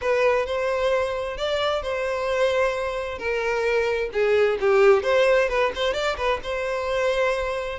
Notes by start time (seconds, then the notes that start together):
0.01 B4
0.46 C5
1.37 D5
1.82 C5
3.18 A#4
4.12 G#4
4.60 G4
5.03 C5
5.49 B4
5.75 C5
5.93 D5
6.17 B4
6.43 C5